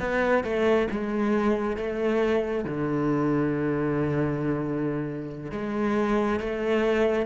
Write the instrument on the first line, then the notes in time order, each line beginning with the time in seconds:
cello
0.00 B3
0.44 A3
0.91 G#3
1.77 A3
2.65 D3
5.52 G#3
6.40 A3